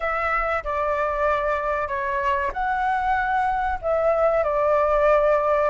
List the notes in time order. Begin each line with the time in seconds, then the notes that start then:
0.00 E5
0.63 D5
1.87 C#5
2.53 F#5
3.81 E5
4.43 D5